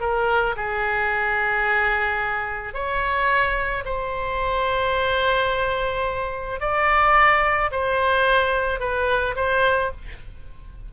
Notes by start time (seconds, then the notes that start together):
0.00 A#4
0.56 G#4
2.73 C#5
3.85 C5
6.60 D5
7.71 C5
8.80 B4
9.36 C5